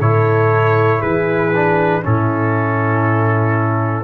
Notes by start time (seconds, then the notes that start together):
0.00 A2 E4 A4 C#5
1.00 E3 G#4 B4
1.55 D4
2.02 A2 C#4 E4 A4